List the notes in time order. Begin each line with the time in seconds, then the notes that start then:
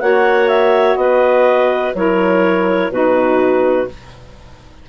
0.00 A#3 F#4 C#5 F#5
0.48 E5
0.95 B3 B4 D#5
1.94 F#3 E4 A#4 C#5
2.90 B2 D#4 F#4 B4